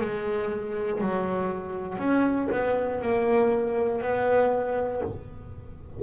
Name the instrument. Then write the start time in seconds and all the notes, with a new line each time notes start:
double bass
0.00 G#3
1.00 F#3
1.98 C#4
2.51 B3
3.01 A#3
4.01 B3